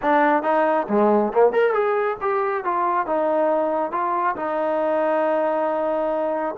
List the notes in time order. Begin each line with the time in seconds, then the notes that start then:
0.02 D4
0.43 D#4
0.88 G#3
1.32 A#3
1.52 A#4
1.73 G#4
2.21 G4
2.64 F4
3.06 D#4
3.91 F4
4.36 D#4